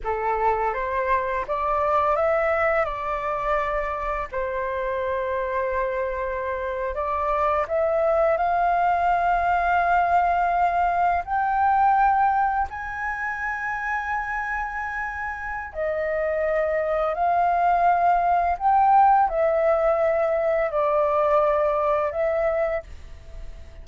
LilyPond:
\new Staff \with { instrumentName = "flute" } { \time 4/4 \tempo 4 = 84 a'4 c''4 d''4 e''4 | d''2 c''2~ | c''4.~ c''16 d''4 e''4 f''16~ | f''2.~ f''8. g''16~ |
g''4.~ g''16 gis''2~ gis''16~ | gis''2 dis''2 | f''2 g''4 e''4~ | e''4 d''2 e''4 | }